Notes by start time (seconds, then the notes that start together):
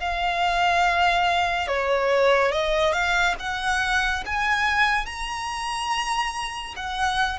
0.00 F5
1.68 C#5
2.52 D#5
2.93 F5
3.40 F#5
4.26 G#5
5.06 A#5
6.76 F#5